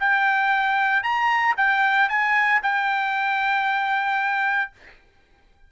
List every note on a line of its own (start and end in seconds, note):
0.00 1.03 G5
1.03 1.55 A#5
1.57 2.09 G5
2.09 2.61 G#5
2.63 4.71 G5